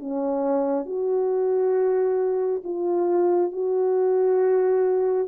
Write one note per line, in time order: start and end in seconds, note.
0.00 0.86 C#4
0.86 2.62 F#4
2.65 3.53 F4
3.53 5.29 F#4